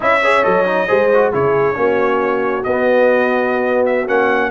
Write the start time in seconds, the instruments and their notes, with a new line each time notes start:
0.00 tuba C#4, trombone E4, horn D#5, trumpet E5
0.21 trombone G#4, horn C#5
0.42 tuba F#3, trombone A4, trumpet D#5
0.65 trombone D#4
0.87 tuba G#3, trombone G#4, horn C5
1.13 trombone F#4
1.32 tuba C#3, trombone E4, horn G#4, trumpet C#5
1.74 tuba A#3, trombone C#4, horn F#4
2.63 tuba B3, trombone B3, trumpet D#5
3.85 trumpet E5
4.07 tuba A#3, trombone C#4, trumpet F#5